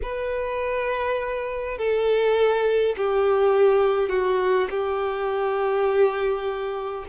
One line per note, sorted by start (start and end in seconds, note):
0.02 1.78 B4
1.78 2.95 A4
2.96 4.09 G4
4.09 4.68 F#4
4.70 7.05 G4